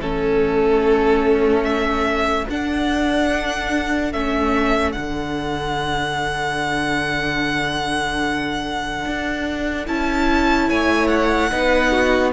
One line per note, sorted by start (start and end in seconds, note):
0.00 2.47 A3
0.00 2.47 C#4
0.00 10.68 A4
0.00 1.64 A4
1.64 2.46 E5
2.50 4.13 D4
2.50 4.13 F#5
4.13 4.96 A3
4.13 4.95 C#4
4.13 4.93 E5
4.93 9.05 D3
4.93 9.86 D4
4.93 9.86 F#5
9.05 9.88 D4
9.86 10.70 C#4
9.86 11.51 E4
9.86 10.70 A5
10.68 11.52 A3
10.68 11.51 C#5
10.68 11.08 G#5
11.08 12.31 F#5
11.51 12.33 B3
11.51 12.33 D#4
11.51 11.92 B4
11.92 12.33 F#4